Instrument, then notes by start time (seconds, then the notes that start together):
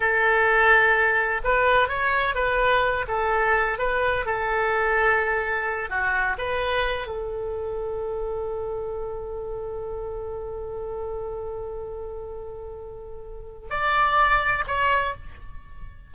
oboe
0.00 A4
1.44 B4
1.88 C#5
2.34 B4
3.08 A4
3.78 B4
4.25 A4
5.89 F#4
6.38 B4
7.07 A4
13.70 D5
14.67 C#5